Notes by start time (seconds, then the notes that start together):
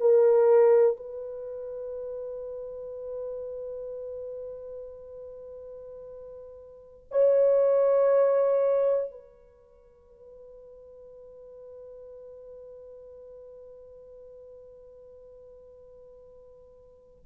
0.00 A#4
0.97 B4
7.11 C#5
9.11 B4